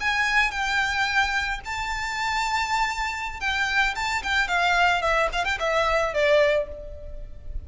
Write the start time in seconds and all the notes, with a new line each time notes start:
0.00 G#5
0.51 G5
1.65 A5
3.40 G5
3.95 A5
4.23 G5
4.48 F5
5.02 E5
5.32 F5
5.44 G5
5.59 E5
6.14 D5